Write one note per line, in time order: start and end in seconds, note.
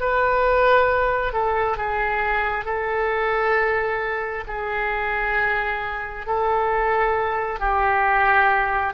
0.00 1.33 B4
1.33 1.77 A4
1.77 2.65 G#4
2.65 4.44 A4
4.47 6.26 G#4
6.26 7.60 A4
7.60 8.93 G4